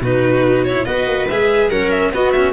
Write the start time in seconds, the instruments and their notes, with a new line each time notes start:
0.00 tuba B2, cello D#4, viola F#4, violin B4
0.64 cello E4, violin C#5
0.85 tuba B3, cello F#4, viola B4, violin D#5
1.07 tuba A#3
1.28 tuba G#3, cello G#4, violin E5
1.69 tuba F#3, cello C#4, viola A#4, violin F#5
1.91 violin E5
2.12 tuba B3, cello B3, viola F#4, violin D#5
2.32 cello C#4, violin E5